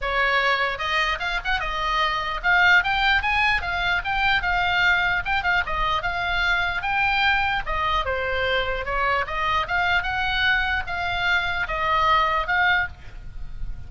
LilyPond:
\new Staff \with { instrumentName = "oboe" } { \time 4/4 \tempo 4 = 149 cis''2 dis''4 f''8 fis''8 | dis''2 f''4 g''4 | gis''4 f''4 g''4 f''4~ | f''4 g''8 f''8 dis''4 f''4~ |
f''4 g''2 dis''4 | c''2 cis''4 dis''4 | f''4 fis''2 f''4~ | f''4 dis''2 f''4 | }